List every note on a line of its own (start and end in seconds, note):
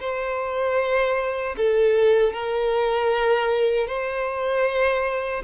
0.00 1.56 C5
1.57 2.33 A4
2.33 3.87 A#4
3.87 5.43 C5